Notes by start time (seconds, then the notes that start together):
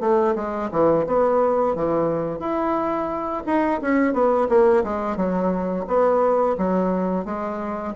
0.00 A3
0.35 G#3
0.71 E3
1.06 B3
1.75 E3
2.39 E4
3.46 D#4
3.81 C#4
4.13 B3
4.49 A#3
4.84 G#3
5.16 F#3
5.87 B3
6.58 F#3
7.25 G#3